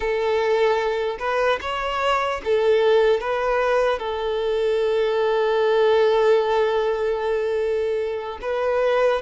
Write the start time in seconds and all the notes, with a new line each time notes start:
0.00 A4
1.19 B4
1.61 C#5
2.44 A4
3.20 B4
3.98 A4
8.41 B4